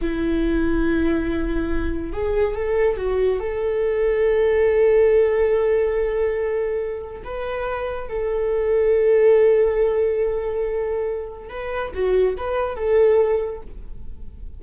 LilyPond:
\new Staff \with { instrumentName = "viola" } { \time 4/4 \tempo 4 = 141 e'1~ | e'4 gis'4 a'4 fis'4 | a'1~ | a'1~ |
a'4 b'2 a'4~ | a'1~ | a'2. b'4 | fis'4 b'4 a'2 | }